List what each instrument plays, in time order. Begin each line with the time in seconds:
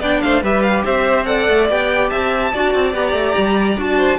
0.00 cello B3, viola D4, violin D5 G5
0.22 cello A3, violin C5 F5
0.43 cello G3, viola G4, violin B4 E5
0.62 violin F5
0.85 cello C4, violin C5 E5
1.25 viola A4, violin D5 F#5
1.49 cello A3
1.70 cello B3, viola G4, violin G5
2.10 cello C4, violin E5 A5
2.53 cello D4, viola F#4, violin D5
2.75 cello C4
2.93 cello B3, viola G4, violin A#5
3.13 cello A3
3.38 cello G3
3.77 cello D4, viola F#4, violin A5
3.97 violin C5